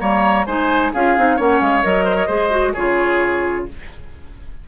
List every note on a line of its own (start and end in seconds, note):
0.00 0.46 G3
0.00 0.46 A#3
0.00 0.46 C#5
0.00 0.46 A#5
0.46 0.92 G#3
0.46 0.94 D#4
0.46 0.92 C5
0.46 0.93 G#5
0.93 1.18 C#4
0.93 1.18 F4
0.93 1.37 G#4
0.93 1.40 F5
1.18 1.39 C4
1.18 1.39 D#4
1.37 1.61 A#3
1.37 1.83 C#4
1.37 2.05 C#5
1.37 1.61 F#5
1.61 1.84 G#3
1.61 1.84 F5
1.83 2.29 F#3
1.83 2.29 A#4
1.83 2.74 D#5
2.05 2.16 C5
2.16 2.27 C#5
2.27 2.74 G#3
2.27 2.51 G#4
2.27 2.73 C5
2.51 2.74 F#4
2.73 3.69 C#3
2.73 3.68 F4
2.73 3.65 G#4
2.73 3.66 C#5